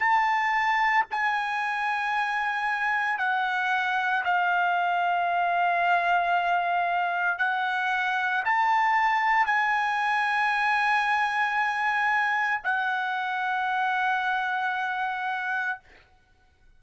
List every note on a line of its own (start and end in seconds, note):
0.00 1.05 A5
1.11 3.19 G#5
3.19 4.24 F#5
4.25 7.39 F5
7.39 8.44 F#5
8.45 9.46 A5
9.46 12.62 G#5
12.64 15.80 F#5